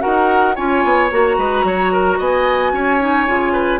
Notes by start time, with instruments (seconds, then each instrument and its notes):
0.00 bassoon D#4, clarinet F#4, oboe A#4, flute F#5
0.56 bassoon C#4, clarinet F4, oboe C#5, flute G#5
0.84 bassoon B3
1.11 bassoon A#3, clarinet F#4, flute A#5
1.38 bassoon G#3, oboe B4
1.63 bassoon F#3, oboe C#5
1.93 oboe A#4
2.18 bassoon B3, oboe D#5, flute G#5
2.73 bassoon C#4, oboe C#5
3.00 clarinet D#4
3.27 bassoon C#3, clarinet F4
3.53 oboe B4